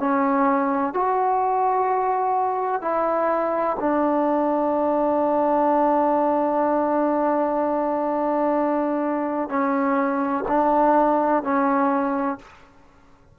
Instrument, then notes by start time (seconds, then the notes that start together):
trombone
0.00 C#4
0.94 F#4
2.82 E4
3.80 D4
9.50 C#4
10.48 D4
11.44 C#4